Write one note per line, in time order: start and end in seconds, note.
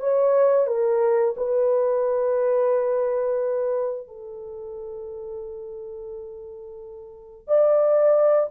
0.00 0.67 C#5
0.67 1.35 A#4
1.37 4.08 B4
4.08 7.48 A4
7.48 8.50 D5